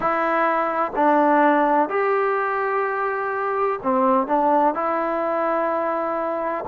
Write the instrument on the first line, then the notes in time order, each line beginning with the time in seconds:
trombone
0.00 E4
0.95 D4
1.89 G4
3.82 C4
4.27 D4
4.74 E4